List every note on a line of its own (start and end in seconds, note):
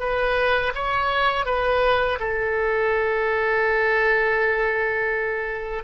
0.00 0.73 B4
0.75 1.46 C#5
1.46 2.19 B4
2.20 5.84 A4